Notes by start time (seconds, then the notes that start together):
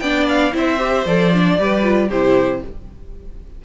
0.00 B3 D4 D5 G5
0.29 F5
0.52 C4 E4 C5 E5
0.78 G4
1.06 F3 A4 D5
1.34 D4
1.60 G3 G4 B4
1.83 F4
2.09 C3 E4 G4 C5